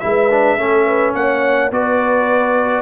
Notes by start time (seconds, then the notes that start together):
0.00 G#3 E4 B4 E5
0.31 D4
0.57 A3 C#4 A4
0.85 B4
1.14 A#3 C#5 F#5
1.71 B3 F#4 B4 D5